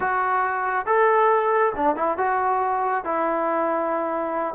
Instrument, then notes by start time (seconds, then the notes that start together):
trombone
0.00 F#4
0.86 A4
1.75 D4
1.96 E4
2.17 F#4
3.04 E4